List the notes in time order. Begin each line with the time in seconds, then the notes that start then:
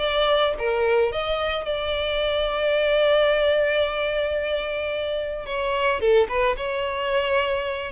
0.00 D5
0.59 A#4
1.12 D#5
1.66 D5
5.46 C#5
6.01 A4
6.29 B4
6.57 C#5